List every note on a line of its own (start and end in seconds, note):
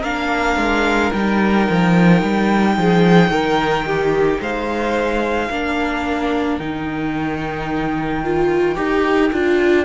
0.00 0.57 A#3
0.00 1.13 D4
0.00 2.73 A#4
0.00 1.13 F5
0.57 1.11 G#3
1.13 1.68 G3
1.13 5.51 D#4
1.13 4.40 G5
1.70 2.23 F3
2.23 2.77 G3
2.77 3.30 F3
2.77 3.31 G#4
3.30 4.39 D#3
3.30 3.86 A#4
3.86 4.41 G4
4.40 5.50 G#3
4.40 5.50 C5
4.40 6.58 F5
5.50 6.60 A#3
5.50 6.60 D4
5.50 9.85 A#4
6.58 8.77 D#3
6.58 8.24 D#4
6.58 9.85 G5
8.24 8.75 F4
8.75 9.31 D#4
8.75 9.30 G4
9.33 9.85 D4
9.33 9.85 F4